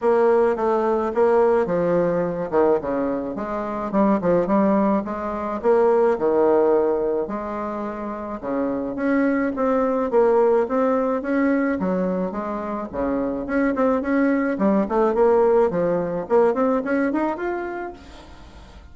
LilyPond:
\new Staff \with { instrumentName = "bassoon" } { \time 4/4 \tempo 4 = 107 ais4 a4 ais4 f4~ | f8 dis8 cis4 gis4 g8 f8 | g4 gis4 ais4 dis4~ | dis4 gis2 cis4 |
cis'4 c'4 ais4 c'4 | cis'4 fis4 gis4 cis4 | cis'8 c'8 cis'4 g8 a8 ais4 | f4 ais8 c'8 cis'8 dis'8 f'4 | }